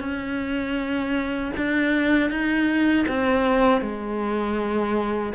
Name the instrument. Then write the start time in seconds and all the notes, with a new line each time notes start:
cello
0.00 C#4
1.57 D4
2.30 D#4
3.08 C4
3.81 G#3